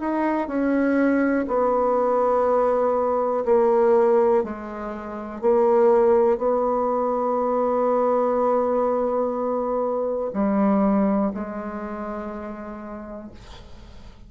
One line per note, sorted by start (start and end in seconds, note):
0.00 0.47 D#4
0.47 1.46 C#4
1.48 3.44 B3
3.45 4.44 A#3
4.44 5.41 G#3
5.41 6.38 A#3
6.38 10.31 B3
10.33 11.32 G3
11.34 13.31 G#3